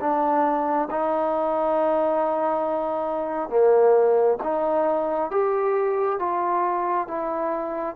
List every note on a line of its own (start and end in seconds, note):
0.00 0.88 D4
0.90 3.49 D#4
3.49 4.37 A#3
4.43 5.31 D#4
5.31 6.19 G4
6.19 7.07 F4
7.07 7.95 E4